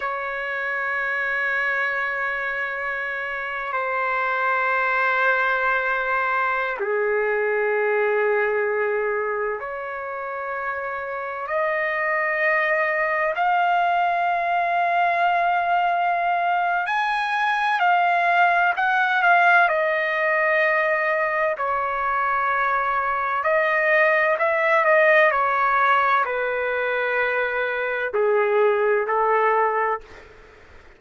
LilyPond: \new Staff \with { instrumentName = "trumpet" } { \time 4/4 \tempo 4 = 64 cis''1 | c''2.~ c''16 gis'8.~ | gis'2~ gis'16 cis''4.~ cis''16~ | cis''16 dis''2 f''4.~ f''16~ |
f''2 gis''4 f''4 | fis''8 f''8 dis''2 cis''4~ | cis''4 dis''4 e''8 dis''8 cis''4 | b'2 gis'4 a'4 | }